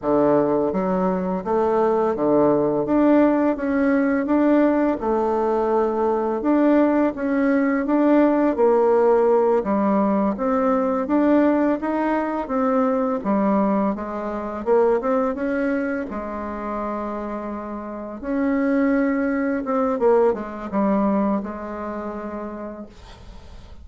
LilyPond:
\new Staff \with { instrumentName = "bassoon" } { \time 4/4 \tempo 4 = 84 d4 fis4 a4 d4 | d'4 cis'4 d'4 a4~ | a4 d'4 cis'4 d'4 | ais4. g4 c'4 d'8~ |
d'8 dis'4 c'4 g4 gis8~ | gis8 ais8 c'8 cis'4 gis4.~ | gis4. cis'2 c'8 | ais8 gis8 g4 gis2 | }